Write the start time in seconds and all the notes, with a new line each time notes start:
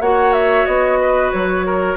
0.00 A#3 F#4 C#5 F#5
0.33 E5
0.65 B3 D#5
1.01 B4
1.32 F#3 C#5
1.66 A#4